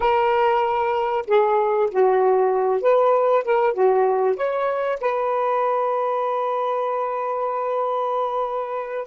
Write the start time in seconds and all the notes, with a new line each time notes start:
0.00 A#4
1.27 G#4
1.90 F#4
2.81 B4
3.44 A#4
3.73 F#4
4.36 C#5
5.01 B4